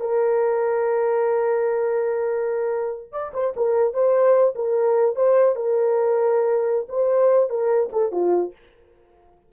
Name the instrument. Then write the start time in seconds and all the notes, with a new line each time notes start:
horn
0.00 A#4
3.12 D5
3.34 C5
3.57 A#4
3.94 C5
4.56 A#4
5.16 C5
5.56 A#4
6.89 C5
7.50 A#4
7.93 A4
8.12 F4